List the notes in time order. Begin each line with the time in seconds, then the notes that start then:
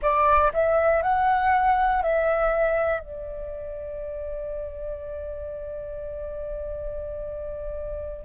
0.02 D5
0.53 E5
1.02 F#5
2.02 E5
3.00 D5